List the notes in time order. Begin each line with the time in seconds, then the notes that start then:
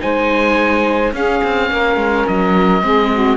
0.00 G#3 D#4 C5 G#5
1.12 C#4 G#4 F5
1.43 C4
1.70 A#3 A#4
1.96 G#3
2.27 F#3 D#5
2.81 G#3 C4 G#4
3.12 F#4